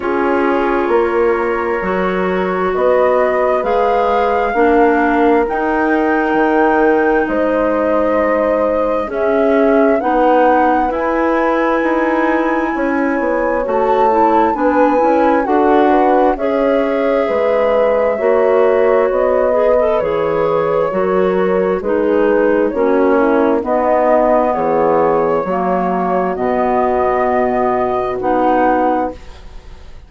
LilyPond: <<
  \new Staff \with { instrumentName = "flute" } { \time 4/4 \tempo 4 = 66 cis''2. dis''4 | f''2 g''2 | dis''2 e''4 fis''4 | gis''2. a''4 |
gis''4 fis''4 e''2~ | e''4 dis''4 cis''2 | b'4 cis''4 dis''4 cis''4~ | cis''4 dis''2 fis''4 | }
  \new Staff \with { instrumentName = "horn" } { \time 4/4 gis'4 ais'2 b'4~ | b'4 ais'2. | c''2 gis'4 b'4~ | b'2 cis''2 |
b'4 a'8 b'8 cis''4 b'4 | cis''4. b'4. ais'4 | gis'4 fis'8 e'8 dis'4 gis'4 | fis'1 | }
  \new Staff \with { instrumentName = "clarinet" } { \time 4/4 f'2 fis'2 | gis'4 d'4 dis'2~ | dis'2 cis'4 dis'4 | e'2. fis'8 e'8 |
d'8 e'8 fis'4 gis'2 | fis'4. gis'16 a'16 gis'4 fis'4 | dis'4 cis'4 b2 | ais4 b2 dis'4 | }
  \new Staff \with { instrumentName = "bassoon" } { \time 4/4 cis'4 ais4 fis4 b4 | gis4 ais4 dis'4 dis4 | gis2 cis'4 b4 | e'4 dis'4 cis'8 b8 a4 |
b8 cis'8 d'4 cis'4 gis4 | ais4 b4 e4 fis4 | gis4 ais4 b4 e4 | fis4 b,2 b4 | }
>>